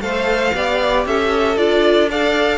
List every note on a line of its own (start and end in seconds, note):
0.00 0.52 A3
0.00 0.54 A4
0.00 0.54 C5
0.00 1.04 F5
0.54 1.05 B3
0.54 1.57 G4
0.54 1.07 D5
1.05 1.56 C#4
1.05 2.10 A4
1.05 1.57 E5
1.56 2.57 D4
1.56 2.09 F4
1.56 2.09 D5
2.10 2.57 A4
2.10 2.57 D5
2.10 2.57 F5